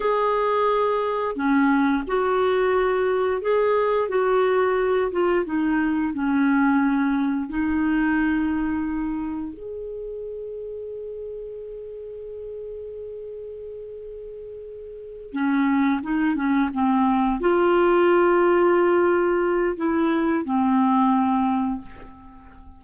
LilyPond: \new Staff \with { instrumentName = "clarinet" } { \time 4/4 \tempo 4 = 88 gis'2 cis'4 fis'4~ | fis'4 gis'4 fis'4. f'8 | dis'4 cis'2 dis'4~ | dis'2 gis'2~ |
gis'1~ | gis'2~ gis'8 cis'4 dis'8 | cis'8 c'4 f'2~ f'8~ | f'4 e'4 c'2 | }